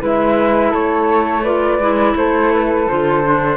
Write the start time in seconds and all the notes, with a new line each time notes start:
0.00 G#3 E4 B4 E5
0.71 A3 A4 C#5
1.43 F4 B4 D5
1.79 G#3 E4
2.15 A3 A4 C5
2.53 B4
2.89 D3 F4 C5
3.24 D4